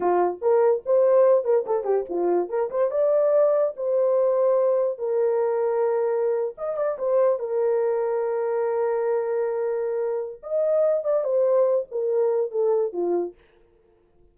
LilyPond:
\new Staff \with { instrumentName = "horn" } { \time 4/4 \tempo 4 = 144 f'4 ais'4 c''4. ais'8 | a'8 g'8 f'4 ais'8 c''8 d''4~ | d''4 c''2. | ais'2.~ ais'8. dis''16~ |
dis''16 d''8 c''4 ais'2~ ais'16~ | ais'1~ | ais'4 dis''4. d''8 c''4~ | c''8 ais'4. a'4 f'4 | }